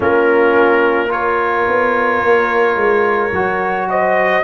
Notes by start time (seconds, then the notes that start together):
0.00 A#3 C#4 F4 A#4
1.08 F4 A#4 C#5
1.67 B3
2.20 A#3
2.75 G#3
3.32 F#3 F#4
3.89 C5 D#5